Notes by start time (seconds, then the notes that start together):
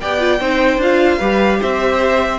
0.00 B3 G4 D5 G5
0.19 F4
0.40 C4 D#4 C5
0.77 D4 F4 F5
1.18 G3 G4 B4
1.61 C4 C5 E5